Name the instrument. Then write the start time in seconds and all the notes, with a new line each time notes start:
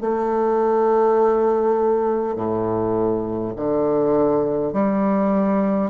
bassoon
0.00 A3
2.35 A2
3.56 D3
4.73 G3